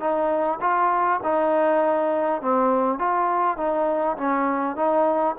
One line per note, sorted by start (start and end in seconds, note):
0.00 0.59 D#4
0.61 1.20 F4
1.23 2.42 D#4
2.42 2.99 C4
2.99 3.57 F4
3.57 4.17 D#4
4.17 4.76 C#4
4.76 5.35 D#4